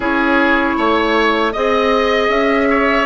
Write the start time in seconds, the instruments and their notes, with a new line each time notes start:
0.00 bassoon C#4, clarinet E4, oboe G#4, flute C#5
0.77 bassoon A3, oboe C#5
1.52 bassoon C4, clarinet G#4, flute D#5, oboe D#5
2.29 bassoon C#4, flute E5
2.70 oboe C#5